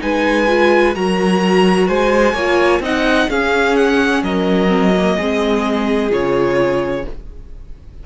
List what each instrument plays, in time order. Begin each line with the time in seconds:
0.00 cello G#3, viola D#4, violin B4 G#5
0.48 viola F4
0.95 cello F#3, viola F#4, violin A#4 A#5
1.88 cello G#3, violin C5 G#5
2.34 cello A#3, viola F4, violin C#5
2.80 cello C4, viola D#4, violin D#5 F#5
3.29 viola C#4, cello C#4, violin G#4 F5
3.77 violin F#5
4.23 cello F#3, violin A#4 D#5
4.68 viola C4
4.97 viola A#3
5.17 cello G#3, viola C4, violin G#4
6.11 cello C#3, viola F4, violin C#5